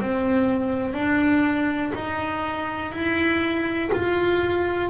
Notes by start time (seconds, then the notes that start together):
0.00 C4
0.93 D4
1.94 D#4
2.92 E4
3.92 F4